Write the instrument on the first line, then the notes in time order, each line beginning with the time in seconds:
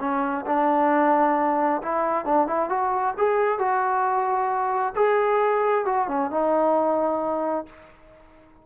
trombone
0.00 C#4
0.46 D4
1.82 E4
2.25 D4
2.47 E4
2.69 F#4
3.18 G#4
3.59 F#4
4.96 G#4
5.85 F#4
6.08 C#4
6.31 D#4